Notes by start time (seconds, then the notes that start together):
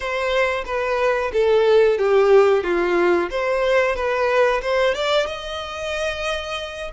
0.00 C5
0.65 B4
1.32 A4
1.98 G4
2.63 F4
3.30 C5
3.95 B4
4.61 C5
4.94 D5
5.26 D#5